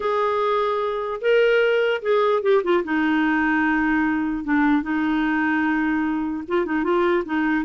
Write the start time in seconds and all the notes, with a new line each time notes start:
0.00 G#4
1.21 A#4
2.02 G#4
2.42 G4
2.63 F4
2.84 D#4
4.44 D4
4.82 D#4
6.48 F4
6.65 D#4
6.83 F4
7.25 D#4